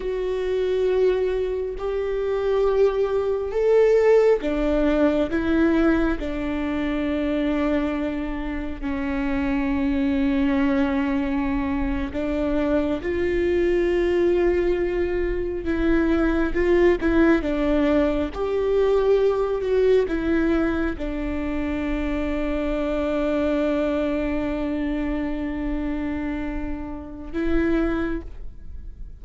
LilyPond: \new Staff \with { instrumentName = "viola" } { \time 4/4 \tempo 4 = 68 fis'2 g'2 | a'4 d'4 e'4 d'4~ | d'2 cis'2~ | cis'4.~ cis'16 d'4 f'4~ f'16~ |
f'4.~ f'16 e'4 f'8 e'8 d'16~ | d'8. g'4. fis'8 e'4 d'16~ | d'1~ | d'2. e'4 | }